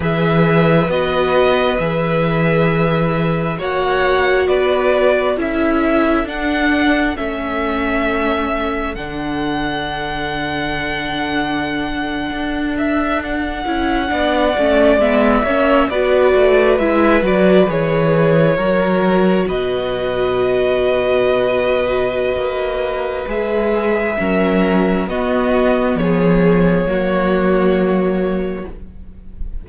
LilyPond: <<
  \new Staff \with { instrumentName = "violin" } { \time 4/4 \tempo 4 = 67 e''4 dis''4 e''2 | fis''4 d''4 e''4 fis''4 | e''2 fis''2~ | fis''2~ fis''16 e''8 fis''4~ fis''16~ |
fis''8. e''4 d''4 e''8 d''8 cis''16~ | cis''4.~ cis''16 dis''2~ dis''16~ | dis''2 e''2 | dis''4 cis''2. | }
  \new Staff \with { instrumentName = "violin" } { \time 4/4 b'1 | cis''4 b'4 a'2~ | a'1~ | a'2.~ a'8. d''16~ |
d''4~ d''16 cis''8 b'2~ b'16~ | b'8. ais'4 b'2~ b'16~ | b'2. ais'4 | fis'4 gis'4 fis'2 | }
  \new Staff \with { instrumentName = "viola" } { \time 4/4 gis'4 fis'4 gis'2 | fis'2 e'4 d'4 | cis'2 d'2~ | d'2.~ d'16 e'8 d'16~ |
d'16 cis'8 b8 cis'8 fis'4 e'8 fis'8 gis'16~ | gis'8. fis'2.~ fis'16~ | fis'2 gis'4 cis'4 | b2 ais2 | }
  \new Staff \with { instrumentName = "cello" } { \time 4/4 e4 b4 e2 | ais4 b4 cis'4 d'4 | a2 d2~ | d4.~ d16 d'4. cis'8 b16~ |
b16 a8 gis8 ais8 b8 a8 gis8 fis8 e16~ | e8. fis4 b,2~ b,16~ | b,4 ais4 gis4 fis4 | b4 f4 fis2 | }
>>